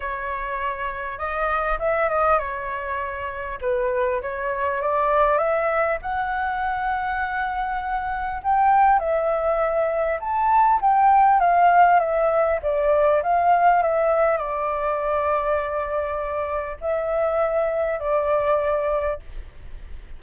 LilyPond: \new Staff \with { instrumentName = "flute" } { \time 4/4 \tempo 4 = 100 cis''2 dis''4 e''8 dis''8 | cis''2 b'4 cis''4 | d''4 e''4 fis''2~ | fis''2 g''4 e''4~ |
e''4 a''4 g''4 f''4 | e''4 d''4 f''4 e''4 | d''1 | e''2 d''2 | }